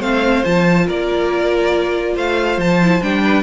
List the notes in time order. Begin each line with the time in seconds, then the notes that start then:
0.00 A3 C4 C5 F5
0.45 F3 F4 A5
0.86 A#3 A#4 D5
2.15 A3 C5 F5
2.58 F3 A5
2.82 E4
3.02 G3 D4 G5
3.24 B4